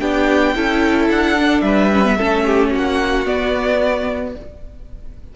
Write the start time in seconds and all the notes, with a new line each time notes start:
0.00 B3 D4 G4 G5
0.56 C#4 E4 A4
1.10 D4 F#5
1.40 D4
1.61 G3 B4 E5
1.94 C#4
2.05 B3
2.18 A3 C#4 A4
2.45 G4
2.70 A#3 F#4 F#5
3.26 B3 D5